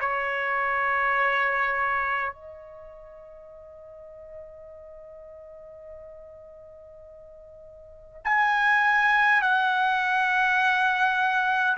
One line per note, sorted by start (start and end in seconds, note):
0.00 2.33 C#5
2.33 8.21 D#5
8.25 9.42 G#5
9.42 11.77 F#5